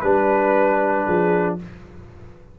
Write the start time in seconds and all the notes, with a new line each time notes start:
0.00 G3 D4 B4
1.05 F3 G#4